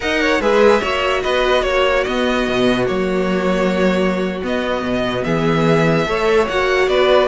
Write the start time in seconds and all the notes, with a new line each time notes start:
0.00 D#4 A#4 D#5 F#5
0.21 C#5
0.40 G#3 G#4 B4 E5
0.80 A#3 F#4 C#5
1.22 B3 B4 D#5
1.62 A#3 F#4 C#5
2.03 B3 D#5
2.48 B2
2.85 F#3 A#3 C#5
4.43 B3 D#5
4.82 B2
5.24 E3 G#4 E5
6.06 A3 A4 C#5
6.48 A#3 F#4 F#5
6.87 B3 B4 D5